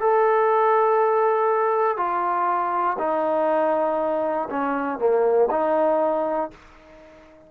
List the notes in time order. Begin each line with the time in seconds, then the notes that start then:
0.00 A4
1.97 F4
2.98 D#4
4.50 C#4
4.98 A#3
5.50 D#4